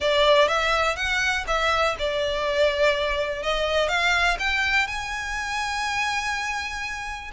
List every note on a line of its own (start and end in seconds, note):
0.00 0.48 D5
0.48 0.96 E5
0.96 1.44 F#5
1.47 1.95 E5
1.98 3.43 D5
3.43 3.88 D#5
3.88 4.37 F5
4.39 4.87 G5
4.87 7.31 G#5